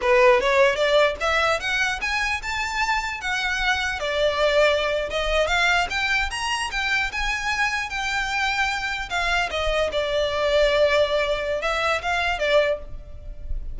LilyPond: \new Staff \with { instrumentName = "violin" } { \time 4/4 \tempo 4 = 150 b'4 cis''4 d''4 e''4 | fis''4 gis''4 a''2 | fis''2 d''2~ | d''8. dis''4 f''4 g''4 ais''16~ |
ais''8. g''4 gis''2 g''16~ | g''2~ g''8. f''4 dis''16~ | dis''8. d''2.~ d''16~ | d''4 e''4 f''4 d''4 | }